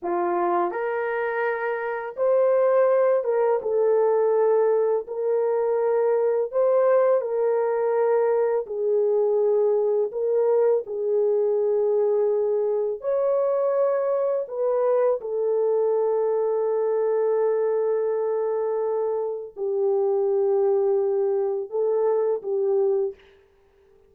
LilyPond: \new Staff \with { instrumentName = "horn" } { \time 4/4 \tempo 4 = 83 f'4 ais'2 c''4~ | c''8 ais'8 a'2 ais'4~ | ais'4 c''4 ais'2 | gis'2 ais'4 gis'4~ |
gis'2 cis''2 | b'4 a'2.~ | a'2. g'4~ | g'2 a'4 g'4 | }